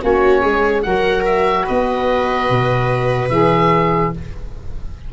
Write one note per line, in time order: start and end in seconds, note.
0.00 0.44 A#3
0.00 0.82 C#4
0.00 0.42 F#4
0.00 0.83 C#5
0.42 0.85 G#3
0.42 0.83 G#4
0.83 1.68 F#3
0.83 3.30 F#4
0.83 1.65 A#4
0.83 1.24 F#5
1.26 1.67 E5
1.65 2.50 B3
1.65 4.11 B4
1.65 3.30 D#5
2.50 3.30 B2
3.30 4.13 E3
3.30 4.13 G#4
3.30 4.12 E5